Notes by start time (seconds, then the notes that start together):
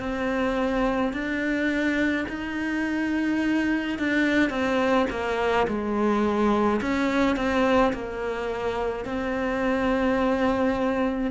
0.00 C4
1.13 D4
2.28 D#4
3.99 D4
4.50 C4
5.10 A#3
5.67 G#3
6.81 C#4
7.36 C4
7.93 A#3
9.05 C4